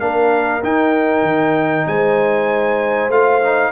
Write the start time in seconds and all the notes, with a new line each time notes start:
0.00 A#3 D4 A#4 F5
0.63 D#4 G5
1.23 D#3
1.87 G#3 C5 G#5
3.09 A3 F4 F5
3.43 D#4